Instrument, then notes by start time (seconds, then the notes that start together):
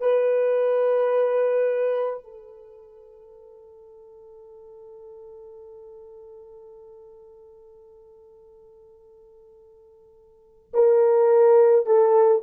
horn
0.00 B4
2.23 A4
10.73 A#4
11.86 A4